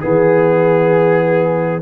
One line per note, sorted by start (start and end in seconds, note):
0.00 1.81 E3
0.00 1.81 B3
0.00 1.81 G#4